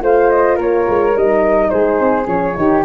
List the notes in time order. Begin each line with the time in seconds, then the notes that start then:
0.00 A3 F4 C5 F5
0.29 D#5
0.55 A#3 A#4 C#5
0.88 G#3
1.15 G3 D#4 D#5
1.69 G#3 G#4 C5
1.99 C4
2.25 F3 C#4 C#5
2.56 D#3 D#4 G4